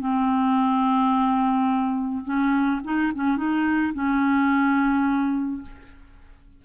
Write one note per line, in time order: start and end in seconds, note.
0.00 2.24 C4
2.25 2.81 C#4
2.84 3.12 D#4
3.15 3.37 C#4
3.37 3.93 D#4
3.94 5.62 C#4